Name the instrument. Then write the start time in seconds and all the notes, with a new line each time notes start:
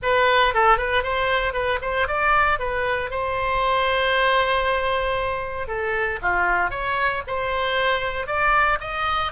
oboe
0.02 B4
0.54 A4
0.77 B4
1.03 C5
1.53 B4
1.81 C5
2.07 D5
2.59 B4
3.10 C5
5.67 A4
6.22 F4
6.70 C#5
7.27 C5
8.26 D5
8.80 D#5